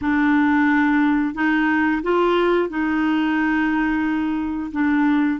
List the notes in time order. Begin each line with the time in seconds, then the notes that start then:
0.01 D4
1.34 D#4
2.02 F4
2.69 D#4
4.72 D4